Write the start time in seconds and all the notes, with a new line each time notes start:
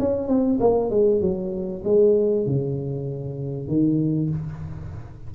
0.00 C#4
0.28 C4
0.61 A#3
0.91 G#3
1.22 F#3
1.85 G#3
2.47 C#3
3.68 D#3